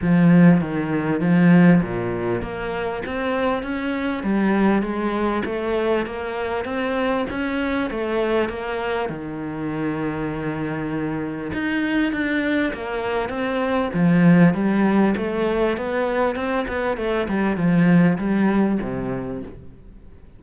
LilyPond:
\new Staff \with { instrumentName = "cello" } { \time 4/4 \tempo 4 = 99 f4 dis4 f4 ais,4 | ais4 c'4 cis'4 g4 | gis4 a4 ais4 c'4 | cis'4 a4 ais4 dis4~ |
dis2. dis'4 | d'4 ais4 c'4 f4 | g4 a4 b4 c'8 b8 | a8 g8 f4 g4 c4 | }